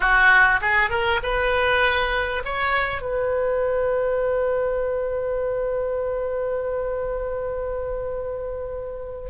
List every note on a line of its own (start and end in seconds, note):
0.00 0.60 F#4
0.61 0.90 G#4
0.90 1.20 A#4
1.22 2.42 B4
2.44 3.01 C#5
3.01 9.30 B4